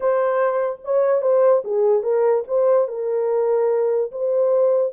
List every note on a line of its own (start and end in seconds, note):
0.00 0.79 C5
0.84 1.21 C#5
1.21 1.62 C5
1.64 2.02 G#4
2.02 2.43 A#4
2.47 2.88 C5
2.88 4.11 A#4
4.11 4.92 C5